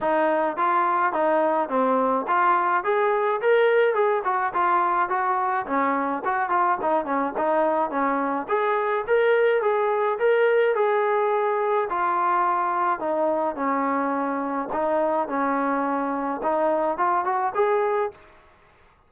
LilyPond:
\new Staff \with { instrumentName = "trombone" } { \time 4/4 \tempo 4 = 106 dis'4 f'4 dis'4 c'4 | f'4 gis'4 ais'4 gis'8 fis'8 | f'4 fis'4 cis'4 fis'8 f'8 | dis'8 cis'8 dis'4 cis'4 gis'4 |
ais'4 gis'4 ais'4 gis'4~ | gis'4 f'2 dis'4 | cis'2 dis'4 cis'4~ | cis'4 dis'4 f'8 fis'8 gis'4 | }